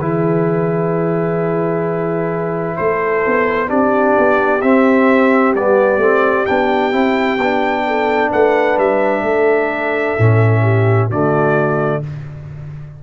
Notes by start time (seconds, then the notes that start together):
0.00 E3 E4 G#4 B4
2.77 A3 A4 C5
3.27 B3
3.68 C4 D4 G4 D5
4.18 B3
4.62 C4 E5
5.55 G3 B3 D5
5.97 A3 C4
6.46 B3 D4 G5
6.92 C4 E4
7.38 B3 D4
7.87 A4
8.30 A3 B4 F#5
8.78 G3 E5
9.23 A3 A4
10.19 A2 C#4
10.62 G4
11.08 D3 A3 F#4 D5